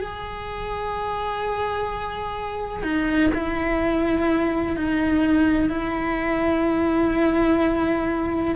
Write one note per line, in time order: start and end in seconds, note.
0.00 2.83 G#4
2.83 3.31 D#4
3.35 4.77 E4
4.77 5.70 D#4
5.70 8.55 E4